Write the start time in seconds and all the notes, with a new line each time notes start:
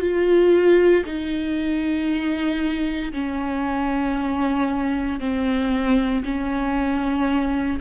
0.00 F4
1.05 D#4
3.13 C#4
5.20 C4
6.24 C#4